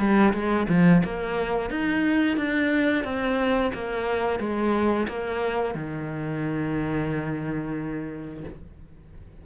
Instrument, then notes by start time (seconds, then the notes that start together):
cello
0.00 G3
0.34 G#3
0.69 F3
1.05 A#3
1.71 D#4
2.37 D4
3.05 C4
3.74 A#3
4.40 G#3
5.09 A#3
5.75 D#3